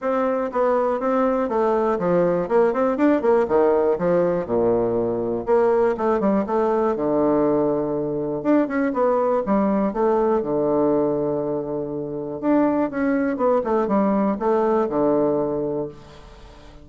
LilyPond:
\new Staff \with { instrumentName = "bassoon" } { \time 4/4 \tempo 4 = 121 c'4 b4 c'4 a4 | f4 ais8 c'8 d'8 ais8 dis4 | f4 ais,2 ais4 | a8 g8 a4 d2~ |
d4 d'8 cis'8 b4 g4 | a4 d2.~ | d4 d'4 cis'4 b8 a8 | g4 a4 d2 | }